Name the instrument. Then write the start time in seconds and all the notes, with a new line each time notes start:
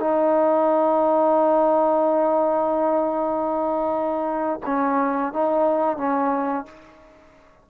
trombone
0.00 D#4
4.66 C#4
5.34 D#4
5.98 C#4